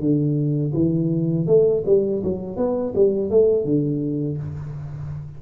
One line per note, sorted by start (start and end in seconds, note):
0.00 0.73 D3
0.74 1.47 E3
1.47 1.83 A3
1.86 2.23 G3
2.24 2.56 F#3
2.56 2.93 B3
2.95 3.30 G3
3.30 3.65 A3
3.65 4.38 D3